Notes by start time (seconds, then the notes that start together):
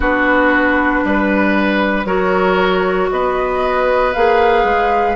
0.00 B3 D4 F#4 B4
1.04 G3 B4
2.04 F#3 F#4 A#4 C#5
3.11 B3 B4 D#5
4.13 A#3 G#4 F5
4.64 G#3